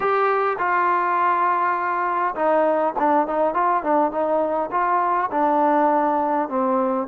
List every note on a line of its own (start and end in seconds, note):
0.00 0.57 G4
0.58 2.34 F4
2.35 2.94 D#4
2.98 3.27 D4
3.27 3.53 D#4
3.53 3.83 F4
3.83 4.11 D4
4.11 4.70 D#4
4.71 5.30 F4
5.31 6.48 D4
6.49 7.07 C4